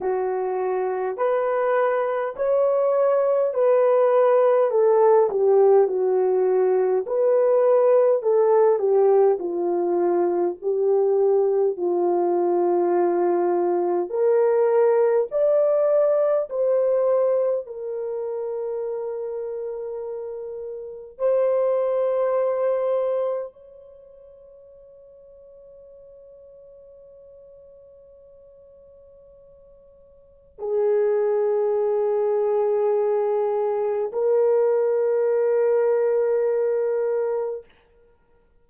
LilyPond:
\new Staff \with { instrumentName = "horn" } { \time 4/4 \tempo 4 = 51 fis'4 b'4 cis''4 b'4 | a'8 g'8 fis'4 b'4 a'8 g'8 | f'4 g'4 f'2 | ais'4 d''4 c''4 ais'4~ |
ais'2 c''2 | cis''1~ | cis''2 gis'2~ | gis'4 ais'2. | }